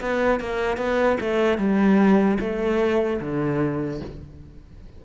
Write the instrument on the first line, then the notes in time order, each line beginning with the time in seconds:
cello
0.00 B3
0.40 A#3
0.77 B3
1.20 A3
1.58 G3
2.40 A3
3.20 D3